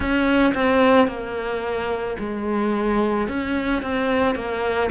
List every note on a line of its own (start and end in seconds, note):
0.00 0.53 C#4
0.54 1.07 C4
1.07 2.16 A#3
2.19 3.27 G#3
3.27 3.82 C#4
3.82 4.35 C4
4.35 4.89 A#3